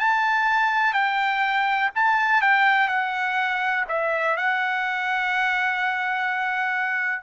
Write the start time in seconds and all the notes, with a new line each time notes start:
0.00 A5
0.93 G5
1.96 A5
2.42 G5
2.88 F#5
3.89 E5
4.37 F#5